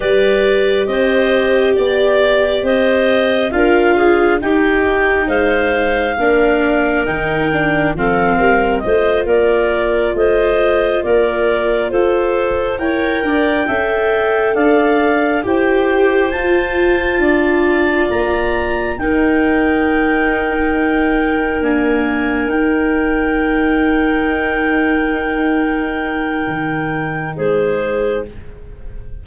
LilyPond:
<<
  \new Staff \with { instrumentName = "clarinet" } { \time 4/4 \tempo 4 = 68 d''4 dis''4 d''4 dis''4 | f''4 g''4 f''2 | g''4 f''4 dis''8 d''4 dis''8~ | dis''8 d''4 c''4 g''4.~ |
g''8 f''4 g''4 a''4.~ | a''8 ais''4 g''2~ g''8~ | g''8 gis''4 g''2~ g''8~ | g''2. c''4 | }
  \new Staff \with { instrumentName = "clarinet" } { \time 4/4 b'4 c''4 d''4 c''4 | ais'8 gis'8 g'4 c''4 ais'4~ | ais'4 a'8 ais'8 c''8 ais'4 c''8~ | c''8 ais'4 a'4 cis''8 d''8 e''8~ |
e''8 d''4 c''2 d''8~ | d''4. ais'2~ ais'8~ | ais'1~ | ais'2. gis'4 | }
  \new Staff \with { instrumentName = "viola" } { \time 4/4 g'1 | f'4 dis'2 d'4 | dis'8 d'8 c'4 f'2~ | f'2~ f'8 ais'4 a'8~ |
a'4. g'4 f'4.~ | f'4. dis'2~ dis'8~ | dis'8 ais4 dis'2~ dis'8~ | dis'1 | }
  \new Staff \with { instrumentName = "tuba" } { \time 4/4 g4 c'4 b4 c'4 | d'4 dis'4 gis4 ais4 | dis4 f8 g8 a8 ais4 a8~ | a8 ais4 f'4 e'8 d'8 cis'8~ |
cis'8 d'4 e'4 f'4 d'8~ | d'8 ais4 dis'2~ dis'8~ | dis'8 d'4 dis'2~ dis'8~ | dis'2 dis4 gis4 | }
>>